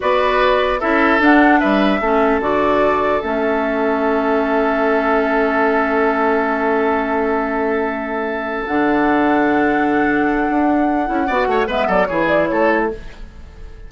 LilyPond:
<<
  \new Staff \with { instrumentName = "flute" } { \time 4/4 \tempo 4 = 149 d''2 e''4 fis''4 | e''2 d''2 | e''1~ | e''1~ |
e''1~ | e''4. fis''2~ fis''8~ | fis''1~ | fis''4 e''8 d''8 cis''8 d''8 cis''4 | }
  \new Staff \with { instrumentName = "oboe" } { \time 4/4 b'2 a'2 | b'4 a'2.~ | a'1~ | a'1~ |
a'1~ | a'1~ | a'1 | d''8 cis''8 b'8 a'8 gis'4 a'4 | }
  \new Staff \with { instrumentName = "clarinet" } { \time 4/4 fis'2 e'4 d'4~ | d'4 cis'4 fis'2 | cis'1~ | cis'1~ |
cis'1~ | cis'4. d'2~ d'8~ | d'2.~ d'8 e'8 | fis'4 b4 e'2 | }
  \new Staff \with { instrumentName = "bassoon" } { \time 4/4 b2 cis'4 d'4 | g4 a4 d2 | a1~ | a1~ |
a1~ | a4. d2~ d8~ | d2 d'4. cis'8 | b8 a8 gis8 fis8 e4 a4 | }
>>